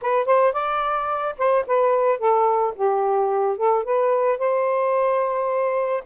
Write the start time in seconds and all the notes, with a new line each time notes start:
0.02 B4
0.25 C5
0.53 D5
1.38 C5
1.66 B4
2.19 A4
2.75 G4
3.57 A4
3.84 B4
4.38 C5